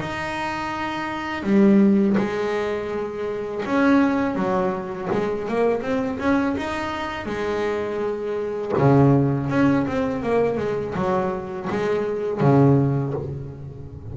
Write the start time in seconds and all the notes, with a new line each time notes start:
0.00 D#4
1.43 G3
2.18 G#3
3.66 C#4
4.36 F#3
5.12 G#3
5.48 A#3
5.82 C4
6.19 C#4
6.58 D#4
7.26 G#3
8.78 C#3
9.50 C#4
9.87 C4
10.23 A#3
10.58 G#3
10.95 F#3
11.70 G#3
12.41 C#3